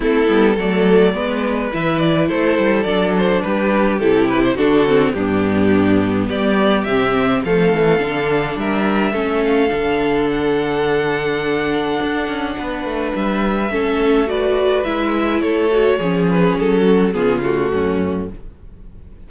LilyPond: <<
  \new Staff \with { instrumentName = "violin" } { \time 4/4 \tempo 4 = 105 a'4 d''2 e''8 d''8 | c''4 d''8 c''8 b'4 a'8 b'16 c''16 | a'4 g'2 d''4 | e''4 f''2 e''4~ |
e''8 f''4. fis''2~ | fis''2. e''4~ | e''4 d''4 e''4 cis''4~ | cis''8 b'8 a'4 gis'8 fis'4. | }
  \new Staff \with { instrumentName = "violin" } { \time 4/4 e'4 a'4 b'2 | a'2 g'2 | fis'4 d'2 g'4~ | g'4 a'2 ais'4 |
a'1~ | a'2 b'2 | a'4 b'2 a'4 | gis'4. fis'8 f'4 cis'4 | }
  \new Staff \with { instrumentName = "viola" } { \time 4/4 c'8 b8 a4 b4 e'4~ | e'4 d'2 e'4 | d'8 c'8 b2. | c'4 a4 d'2 |
cis'4 d'2.~ | d'1 | cis'4 fis'4 e'4. fis'8 | cis'2 b8 a4. | }
  \new Staff \with { instrumentName = "cello" } { \time 4/4 a8 g8 fis4 gis4 e4 | a8 g8 fis4 g4 c4 | d4 g,2 g4 | c4 f8 e8 d4 g4 |
a4 d2.~ | d4 d'8 cis'8 b8 a8 g4 | a2 gis4 a4 | f4 fis4 cis4 fis,4 | }
>>